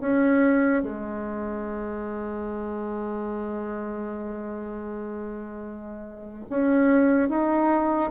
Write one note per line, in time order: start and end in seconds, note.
0.00 0.82 C#4
0.82 6.45 G#3
6.49 7.28 C#4
7.28 8.10 D#4